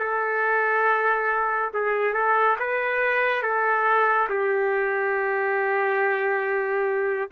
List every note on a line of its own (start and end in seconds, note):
0.00 1.71 A4
1.74 2.14 G#4
2.14 2.57 A4
2.59 3.42 B4
3.42 4.28 A4
4.29 7.29 G4